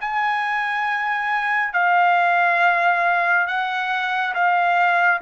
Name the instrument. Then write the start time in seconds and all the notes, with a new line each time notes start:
trumpet
0.00 G#5
1.73 F5
3.47 F#5
4.34 F5